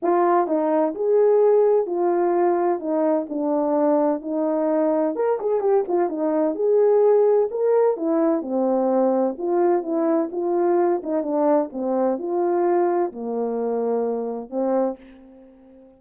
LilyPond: \new Staff \with { instrumentName = "horn" } { \time 4/4 \tempo 4 = 128 f'4 dis'4 gis'2 | f'2 dis'4 d'4~ | d'4 dis'2 ais'8 gis'8 | g'8 f'8 dis'4 gis'2 |
ais'4 e'4 c'2 | f'4 e'4 f'4. dis'8 | d'4 c'4 f'2 | ais2. c'4 | }